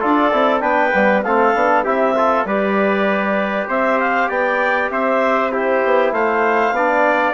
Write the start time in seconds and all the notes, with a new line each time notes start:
0.00 D4 F4 A4 D5
0.32 C4 E4
0.60 B3 D4 B4 G5
0.93 G3 B3
1.23 A3 C4 A4 F5
1.54 B3 D4
1.84 C4 E4 G4 E5
2.15 F4 A4
2.45 G3 G4 B4 D5
3.67 C4 C5 E5
3.99 F5
4.28 B3 D5 G5
4.90 C4 C5 E5
5.51 E4 G4 C5
5.84 B3
6.12 A3 C5 F5
6.71 B3 D4 D5